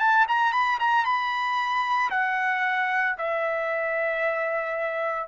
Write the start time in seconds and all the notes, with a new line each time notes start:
0.00 A5
0.28 A#5
0.53 B5
0.80 A#5
1.05 B5
2.11 F#5
3.18 E5